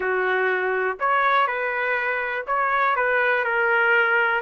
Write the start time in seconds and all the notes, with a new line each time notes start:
0.00 F#4
0.99 C#5
1.47 B4
2.47 C#5
2.96 B4
3.44 A#4